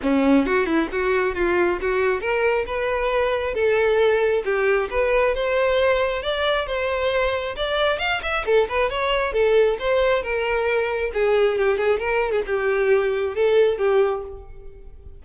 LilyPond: \new Staff \with { instrumentName = "violin" } { \time 4/4 \tempo 4 = 135 cis'4 fis'8 e'8 fis'4 f'4 | fis'4 ais'4 b'2 | a'2 g'4 b'4 | c''2 d''4 c''4~ |
c''4 d''4 f''8 e''8 a'8 b'8 | cis''4 a'4 c''4 ais'4~ | ais'4 gis'4 g'8 gis'8 ais'8. gis'16 | g'2 a'4 g'4 | }